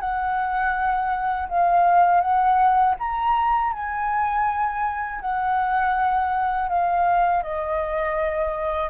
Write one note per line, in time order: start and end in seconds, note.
0.00 1.48 F#5
1.49 2.21 F5
2.21 2.95 F#5
2.99 3.73 A#5
3.73 5.21 G#5
5.21 6.69 F#5
6.69 7.43 F5
7.43 8.90 D#5